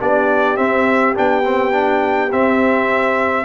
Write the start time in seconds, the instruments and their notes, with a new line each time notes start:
0.00 tuba B3, trombone D4, horn G4, trumpet D5
0.57 trombone C4, tuba C4, trumpet E5
1.15 tuba B3, trombone D4, trumpet G5
1.45 trombone C4
1.72 trombone D4
2.32 tuba C4, trombone C4, trumpet E5